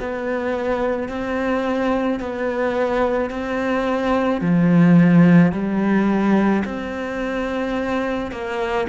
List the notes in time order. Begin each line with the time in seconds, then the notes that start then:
0.00 B3
1.09 C4
2.20 B3
3.30 C4
4.41 F3
5.53 G3
6.65 C4
8.32 A#3